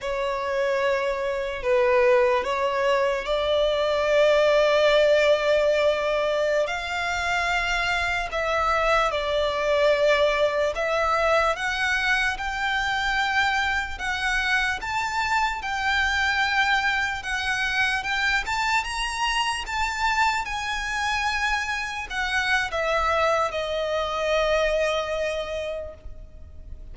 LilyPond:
\new Staff \with { instrumentName = "violin" } { \time 4/4 \tempo 4 = 74 cis''2 b'4 cis''4 | d''1~ | d''16 f''2 e''4 d''8.~ | d''4~ d''16 e''4 fis''4 g''8.~ |
g''4~ g''16 fis''4 a''4 g''8.~ | g''4~ g''16 fis''4 g''8 a''8 ais''8.~ | ais''16 a''4 gis''2 fis''8. | e''4 dis''2. | }